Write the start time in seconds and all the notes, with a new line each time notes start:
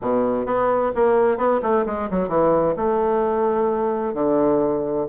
0.01 B2
0.46 B3
0.95 A#3
1.37 B3
1.62 A3
1.86 G#3
2.10 F#3
2.28 E3
2.76 A3
4.14 D3